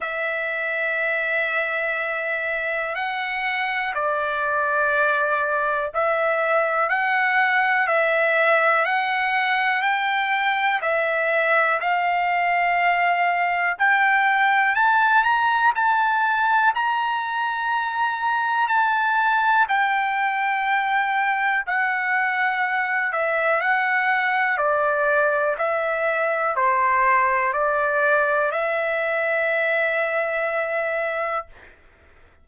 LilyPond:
\new Staff \with { instrumentName = "trumpet" } { \time 4/4 \tempo 4 = 61 e''2. fis''4 | d''2 e''4 fis''4 | e''4 fis''4 g''4 e''4 | f''2 g''4 a''8 ais''8 |
a''4 ais''2 a''4 | g''2 fis''4. e''8 | fis''4 d''4 e''4 c''4 | d''4 e''2. | }